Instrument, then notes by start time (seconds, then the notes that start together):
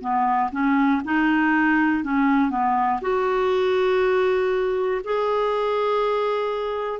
clarinet
0.00 B3
0.52 C#4
1.05 D#4
2.04 C#4
2.50 B3
3.01 F#4
5.04 G#4